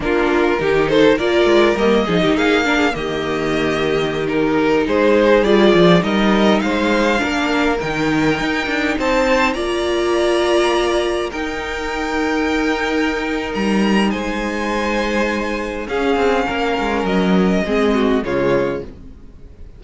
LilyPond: <<
  \new Staff \with { instrumentName = "violin" } { \time 4/4 \tempo 4 = 102 ais'4. c''8 d''4 dis''4 | f''4 dis''2~ dis''16 ais'8.~ | ais'16 c''4 d''4 dis''4 f''8.~ | f''4~ f''16 g''2 a''8.~ |
a''16 ais''2. g''8.~ | g''2. ais''4 | gis''2. f''4~ | f''4 dis''2 cis''4 | }
  \new Staff \with { instrumentName = "violin" } { \time 4/4 f'4 g'8 a'8 ais'4. gis'16 g'16 | gis'8 ais'16 gis'16 g'2.~ | g'16 gis'2 ais'4 c''8.~ | c''16 ais'2. c''8.~ |
c''16 d''2. ais'8.~ | ais'1 | c''2. gis'4 | ais'2 gis'8 fis'8 f'4 | }
  \new Staff \with { instrumentName = "viola" } { \time 4/4 d'4 dis'4 f'4 ais8 dis'8~ | dis'8 d'8 ais2~ ais16 dis'8.~ | dis'4~ dis'16 f'4 dis'4.~ dis'16~ | dis'16 d'4 dis'2~ dis'8.~ |
dis'16 f'2. dis'8.~ | dis'1~ | dis'2. cis'4~ | cis'2 c'4 gis4 | }
  \new Staff \with { instrumentName = "cello" } { \time 4/4 ais4 dis4 ais8 gis8 g8 f16 dis16 | ais4 dis2.~ | dis16 gis4 g8 f8 g4 gis8.~ | gis16 ais4 dis4 dis'8 d'8 c'8.~ |
c'16 ais2. dis'8.~ | dis'2. g4 | gis2. cis'8 c'8 | ais8 gis8 fis4 gis4 cis4 | }
>>